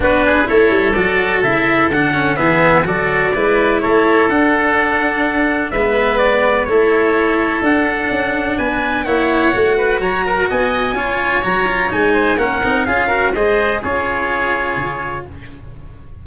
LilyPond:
<<
  \new Staff \with { instrumentName = "trumpet" } { \time 4/4 \tempo 4 = 126 b'4 cis''4 d''4 e''4 | fis''4 e''4 d''2 | cis''4 fis''2. | e''4 d''4 cis''2 |
fis''2 gis''4 fis''4~ | fis''4 ais''4 gis''2 | ais''4 gis''4 fis''4 f''4 | dis''4 cis''2. | }
  \new Staff \with { instrumentName = "oboe" } { \time 4/4 fis'8 gis'8 a'2.~ | a'4 gis'4 a'4 b'4 | a'1 | b'2 a'2~ |
a'2 b'4 cis''4~ | cis''8 b'8 cis''8 ais'8 dis''4 cis''4~ | cis''4. c''8 ais'4 gis'8 ais'8 | c''4 gis'2. | }
  \new Staff \with { instrumentName = "cello" } { \time 4/4 d'4 e'4 fis'4 e'4 | d'8 cis'8 b4 fis'4 e'4~ | e'4 d'2. | b2 e'2 |
d'2. e'4 | fis'2. f'4 | fis'8 f'8 dis'4 cis'8 dis'8 f'8 fis'8 | gis'4 f'2. | }
  \new Staff \with { instrumentName = "tuba" } { \time 4/4 b4 a8 g8 fis4 cis4 | d4 e4 fis4 gis4 | a4 d'2. | gis2 a2 |
d'4 cis'4 b4 ais4 | a4 fis4 b4 cis'4 | fis4 gis4 ais8 c'8 cis'4 | gis4 cis'2 cis4 | }
>>